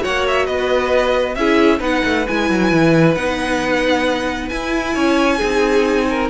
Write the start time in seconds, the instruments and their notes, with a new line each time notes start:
0.00 cello A#3, viola F#4, violin C#5 F#5
0.27 violin E5
0.46 cello B3, violin B4 D#5
1.35 cello C#4, viola E4, violin G#4 E5
1.79 cello B3, viola D#4, violin B4 F#5
2.05 cello A3
2.27 cello G#3, viola E4, violin G#5
2.50 cello F#3
2.71 cello E3
3.15 cello B3, viola D#4, violin F#5
4.49 viola E4, cello E4, violin G#5
4.94 cello C#4, violin C#5
5.37 cello C4, viola D#4, violin G#4
6.09 violin A#4